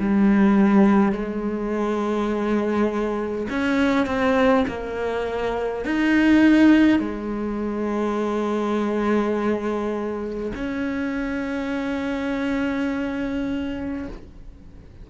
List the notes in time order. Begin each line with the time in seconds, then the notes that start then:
0.00 G3
1.12 G#3
3.50 C#4
4.06 C4
4.68 A#3
5.86 D#4
7.00 G#3
10.55 C#4